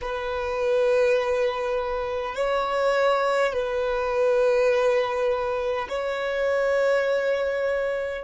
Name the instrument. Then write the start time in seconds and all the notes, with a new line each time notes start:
violin
0.01 B4
2.35 C#5
3.52 B4
5.88 C#5